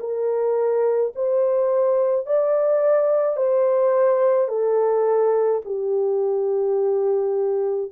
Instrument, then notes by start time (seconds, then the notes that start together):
horn
0.00 A#4
1.15 C5
2.26 D5
3.37 C5
4.48 A4
5.65 G4